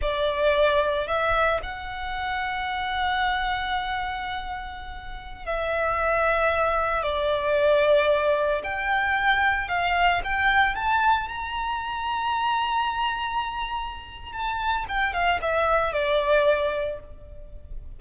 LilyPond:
\new Staff \with { instrumentName = "violin" } { \time 4/4 \tempo 4 = 113 d''2 e''4 fis''4~ | fis''1~ | fis''2~ fis''16 e''4.~ e''16~ | e''4~ e''16 d''2~ d''8.~ |
d''16 g''2 f''4 g''8.~ | g''16 a''4 ais''2~ ais''8.~ | ais''2. a''4 | g''8 f''8 e''4 d''2 | }